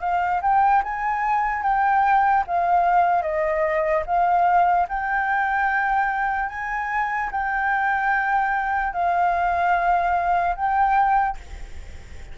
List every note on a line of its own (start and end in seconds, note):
0.00 0.41 F5
0.42 0.82 G5
0.83 1.63 G#5
1.63 2.44 G5
2.47 3.22 F5
3.22 4.03 D#5
4.06 4.87 F5
4.89 6.49 G5
6.49 7.30 G#5
7.31 8.93 G5
8.93 10.55 F5
10.56 11.37 G5